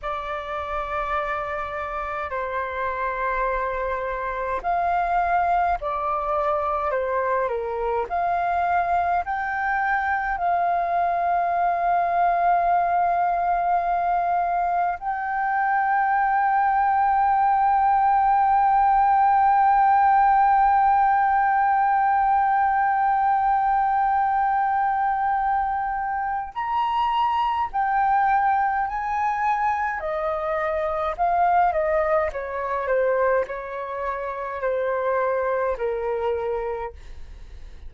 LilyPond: \new Staff \with { instrumentName = "flute" } { \time 4/4 \tempo 4 = 52 d''2 c''2 | f''4 d''4 c''8 ais'8 f''4 | g''4 f''2.~ | f''4 g''2.~ |
g''1~ | g''2. ais''4 | g''4 gis''4 dis''4 f''8 dis''8 | cis''8 c''8 cis''4 c''4 ais'4 | }